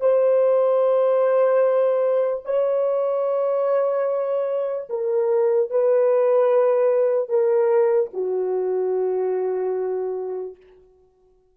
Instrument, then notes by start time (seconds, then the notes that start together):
horn
0.00 C5
2.45 C#5
4.89 A#4
5.70 B4
7.29 A#4
8.13 F#4